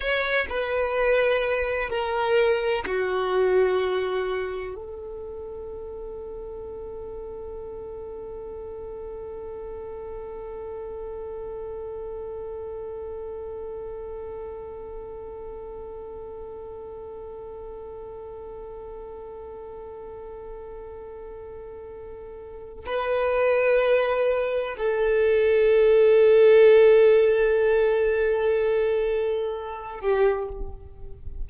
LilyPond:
\new Staff \with { instrumentName = "violin" } { \time 4/4 \tempo 4 = 63 cis''8 b'4. ais'4 fis'4~ | fis'4 a'2.~ | a'1~ | a'1~ |
a'1~ | a'1 | b'2 a'2~ | a'2.~ a'8 g'8 | }